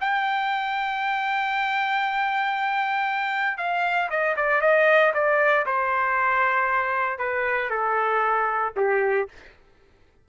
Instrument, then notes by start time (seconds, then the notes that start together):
trumpet
0.00 G5
3.57 F5
4.10 D#5
4.36 D5
4.61 D#5
5.14 D5
5.66 C5
7.18 B4
7.70 A4
8.76 G4